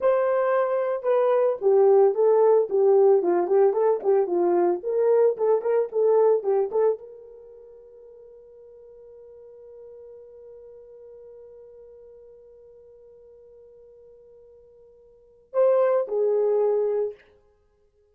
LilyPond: \new Staff \with { instrumentName = "horn" } { \time 4/4 \tempo 4 = 112 c''2 b'4 g'4 | a'4 g'4 f'8 g'8 a'8 g'8 | f'4 ais'4 a'8 ais'8 a'4 | g'8 a'8 ais'2.~ |
ais'1~ | ais'1~ | ais'1~ | ais'4 c''4 gis'2 | }